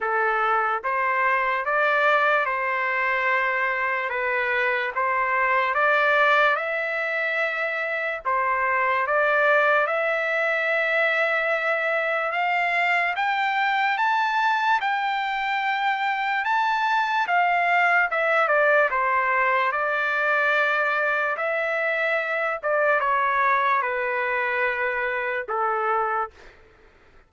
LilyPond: \new Staff \with { instrumentName = "trumpet" } { \time 4/4 \tempo 4 = 73 a'4 c''4 d''4 c''4~ | c''4 b'4 c''4 d''4 | e''2 c''4 d''4 | e''2. f''4 |
g''4 a''4 g''2 | a''4 f''4 e''8 d''8 c''4 | d''2 e''4. d''8 | cis''4 b'2 a'4 | }